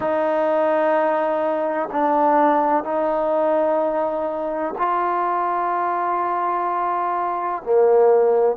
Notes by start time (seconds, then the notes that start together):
0.00 D#4
1.92 D4
2.84 D#4
4.77 F4
7.63 A#3